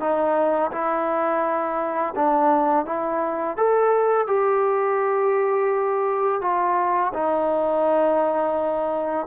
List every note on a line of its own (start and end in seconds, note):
0.00 0.71 D#4
0.72 2.15 E4
2.16 2.86 D4
2.86 3.57 E4
3.57 4.27 A4
4.27 6.42 G4
6.42 7.13 F4
7.14 9.27 D#4